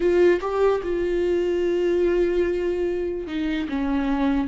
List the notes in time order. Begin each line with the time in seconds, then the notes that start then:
0.00 F4
0.41 G4
0.83 F4
3.27 D#4
3.68 C#4